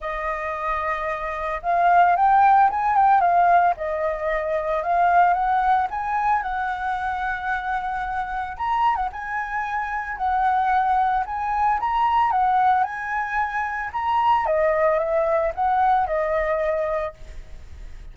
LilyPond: \new Staff \with { instrumentName = "flute" } { \time 4/4 \tempo 4 = 112 dis''2. f''4 | g''4 gis''8 g''8 f''4 dis''4~ | dis''4 f''4 fis''4 gis''4 | fis''1 |
ais''8. fis''16 gis''2 fis''4~ | fis''4 gis''4 ais''4 fis''4 | gis''2 ais''4 dis''4 | e''4 fis''4 dis''2 | }